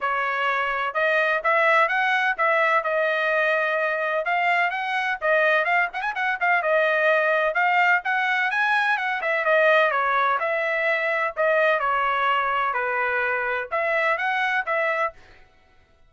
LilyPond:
\new Staff \with { instrumentName = "trumpet" } { \time 4/4 \tempo 4 = 127 cis''2 dis''4 e''4 | fis''4 e''4 dis''2~ | dis''4 f''4 fis''4 dis''4 | f''8 fis''16 gis''16 fis''8 f''8 dis''2 |
f''4 fis''4 gis''4 fis''8 e''8 | dis''4 cis''4 e''2 | dis''4 cis''2 b'4~ | b'4 e''4 fis''4 e''4 | }